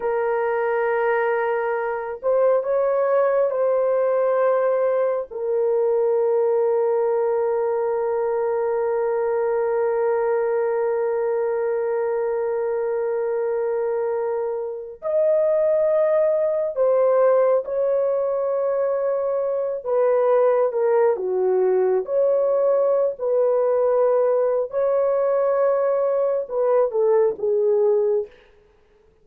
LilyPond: \new Staff \with { instrumentName = "horn" } { \time 4/4 \tempo 4 = 68 ais'2~ ais'8 c''8 cis''4 | c''2 ais'2~ | ais'1~ | ais'1~ |
ais'4 dis''2 c''4 | cis''2~ cis''8 b'4 ais'8 | fis'4 cis''4~ cis''16 b'4.~ b'16 | cis''2 b'8 a'8 gis'4 | }